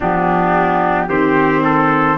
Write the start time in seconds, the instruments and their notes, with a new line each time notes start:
0.00 tuba F3, clarinet B3, trumpet D4, flute G4
1.08 tuba D#3, clarinet C4, trumpet G4, flute C5
1.64 trumpet A4